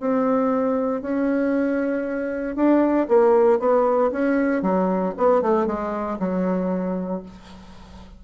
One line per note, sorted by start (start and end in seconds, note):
0.00 1.02 C4
1.02 2.56 C#4
2.56 3.07 D4
3.08 3.59 A#3
3.59 4.11 B3
4.11 4.62 C#4
4.62 5.14 F#3
5.17 5.42 B3
5.42 5.66 A3
5.66 6.18 G#3
6.19 7.22 F#3